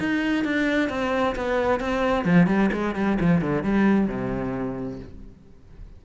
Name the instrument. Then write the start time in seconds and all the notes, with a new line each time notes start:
cello
0.00 D#4
0.45 D4
0.90 C4
1.36 B3
1.80 C4
2.25 F3
2.47 G3
2.73 G#3
2.95 G3
3.21 F3
3.41 D3
3.64 G3
4.08 C3